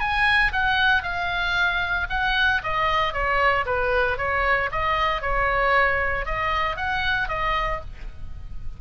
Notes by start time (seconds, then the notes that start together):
0.00 G#5
0.52 F#5
1.03 F5
2.10 F#5
2.63 D#5
3.13 C#5
3.65 B4
4.18 C#5
4.71 D#5
5.22 C#5
6.26 D#5
6.76 F#5
7.28 D#5